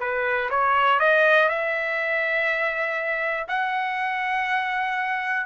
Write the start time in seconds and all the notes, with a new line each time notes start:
0.00 B4
0.50 C#5
0.99 D#5
1.49 E5
3.48 F#5